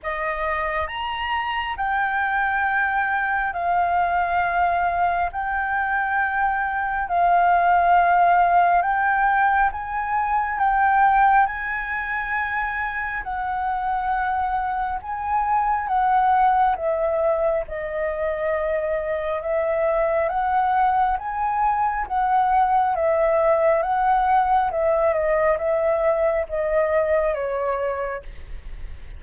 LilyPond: \new Staff \with { instrumentName = "flute" } { \time 4/4 \tempo 4 = 68 dis''4 ais''4 g''2 | f''2 g''2 | f''2 g''4 gis''4 | g''4 gis''2 fis''4~ |
fis''4 gis''4 fis''4 e''4 | dis''2 e''4 fis''4 | gis''4 fis''4 e''4 fis''4 | e''8 dis''8 e''4 dis''4 cis''4 | }